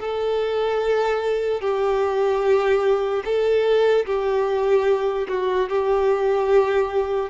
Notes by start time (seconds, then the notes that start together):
0.00 A4
1.61 G4
3.25 A4
4.06 G4
5.29 F#4
5.69 G4